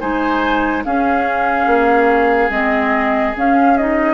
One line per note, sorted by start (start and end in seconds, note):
0.00 0.85 G#3
0.00 0.84 D#4
0.00 0.83 C5
0.00 0.83 G#5
0.85 2.51 C#4
0.85 1.66 C#4
0.85 4.14 G#4
0.85 2.51 F5
1.66 2.49 A#3
2.49 3.33 G#3
2.49 3.34 C4
2.49 3.35 D#5
3.35 3.76 C#4
3.35 4.14 C#4
3.35 3.77 F5
3.77 4.14 D#4
3.77 4.14 D#5